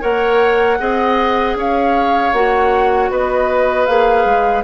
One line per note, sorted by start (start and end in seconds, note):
0.00 0.80 A#3
0.00 0.77 A#4
0.00 0.78 C#5
0.00 1.57 F#5
0.79 1.55 C4
0.79 2.33 G#4
0.79 1.57 D#5
1.55 2.32 C#4
1.55 3.11 C#5
1.55 2.33 F5
2.33 3.10 A#3
2.33 3.87 F#4
2.33 3.10 F#5
3.11 3.88 B3
3.11 4.64 B4
3.11 3.86 D#5
3.86 4.25 A#3
3.86 4.64 G#4
3.86 4.63 F5
4.25 4.63 G#3